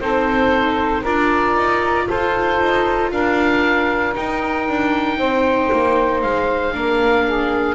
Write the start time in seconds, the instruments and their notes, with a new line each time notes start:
0.00 double bass C4, viola D#4, saxophone A4, oboe C5
1.01 double bass D4, viola F4, saxophone A#4, oboe D5
1.56 double bass D#4
2.08 double bass F4, saxophone A4, oboe C5
2.60 double bass D#4
3.11 double bass D4, saxophone A#4, oboe F5
4.13 viola D#4, double bass D#4, oboe G5
4.68 double bass D4
5.18 double bass C4, saxophone C5
5.72 double bass A#3
6.21 double bass G#3, oboe F5
6.73 double bass A#3, viola D4, saxophone A#4
7.25 saxophone G#4